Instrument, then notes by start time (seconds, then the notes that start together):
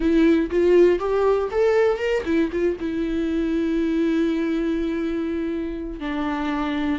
viola
0.00 E4
0.50 F4
0.99 G4
1.51 A4
1.98 A#4
2.25 E4
2.52 F4
2.80 E4
6.00 D4